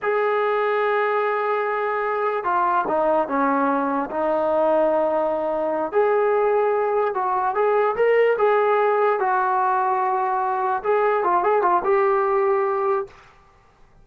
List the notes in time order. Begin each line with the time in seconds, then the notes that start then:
0.02 G#4
2.44 F4
2.87 D#4
3.27 C#4
4.10 D#4
5.91 G#4
7.14 F#4
7.54 G#4
7.96 A#4
8.37 G#4
9.19 F#4
10.83 G#4
11.23 F4
11.43 G#4
11.62 F4
11.84 G4